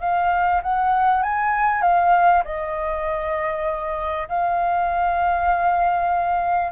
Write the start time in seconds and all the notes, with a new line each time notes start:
0.00 F5
0.62 F#5
1.22 G#5
1.81 F5
2.44 D#5
4.29 F5